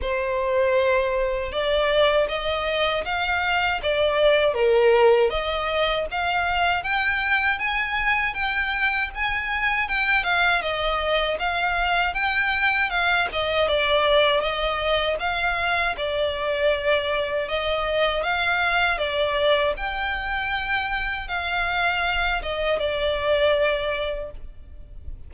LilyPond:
\new Staff \with { instrumentName = "violin" } { \time 4/4 \tempo 4 = 79 c''2 d''4 dis''4 | f''4 d''4 ais'4 dis''4 | f''4 g''4 gis''4 g''4 | gis''4 g''8 f''8 dis''4 f''4 |
g''4 f''8 dis''8 d''4 dis''4 | f''4 d''2 dis''4 | f''4 d''4 g''2 | f''4. dis''8 d''2 | }